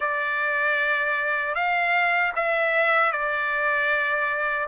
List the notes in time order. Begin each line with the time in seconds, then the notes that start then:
0.00 D5
1.54 F5
2.36 E5
3.12 D5